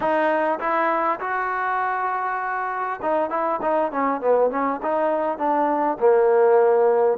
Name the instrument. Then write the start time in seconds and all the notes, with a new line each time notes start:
trombone
0.00 D#4
0.59 E4
1.20 F#4
3.02 D#4
3.30 E4
3.61 D#4
3.91 C#4
4.20 B3
4.50 C#4
4.82 D#4
5.38 D4
5.99 A#3